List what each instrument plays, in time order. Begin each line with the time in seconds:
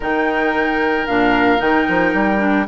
0.00 bassoon D#3, clarinet D#4, oboe A#4, flute G5
1.06 bassoon A#2, clarinet D4, flute F5
1.58 bassoon D#3, clarinet D#4, flute G5
1.88 bassoon F3
2.13 bassoon G3
2.38 clarinet D4